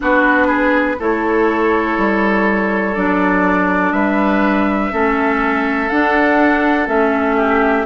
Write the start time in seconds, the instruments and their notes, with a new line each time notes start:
0.00 bassoon B3, clarinet D4, oboe F#4, flute B4
0.47 oboe G#4
0.98 bassoon A3, clarinet E4, oboe A4, flute C#5
1.98 bassoon G3
2.94 bassoon F#3, clarinet D4, flute D5
3.92 bassoon G3, oboe B4, flute E5
4.91 bassoon A3, clarinet C#4, oboe A4
5.88 bassoon D4, clarinet D4, flute F#5
6.86 bassoon A3, clarinet C#4, flute E5
7.36 oboe G4